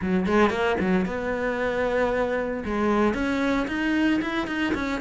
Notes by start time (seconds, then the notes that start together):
0.01 F#3
0.26 G#3
0.50 A#3
0.80 F#3
1.05 B3
2.65 G#3
3.14 C#4
3.67 D#4
4.21 E4
4.47 D#4
4.74 C#4